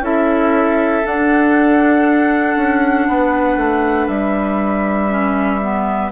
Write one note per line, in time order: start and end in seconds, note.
0.00 1.02 C#4
0.00 1.03 E4
0.00 3.07 A4
0.00 1.06 E5
1.04 5.09 D4
1.04 2.56 D4
1.04 4.07 F#5
2.56 3.07 C#4
3.07 3.56 B3
3.07 6.12 B4
3.56 4.07 A3
4.07 6.11 G3
4.07 6.11 E5
5.09 5.60 C#4
5.61 6.12 B3